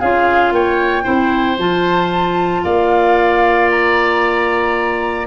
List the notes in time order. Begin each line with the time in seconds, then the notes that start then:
0.00 C#4 F4 G#4 F5
0.52 A#3 C#5 G5
1.03 C4 E4 C5
1.58 F3 F4 A5
2.64 A#3 D5 F5
3.70 A#5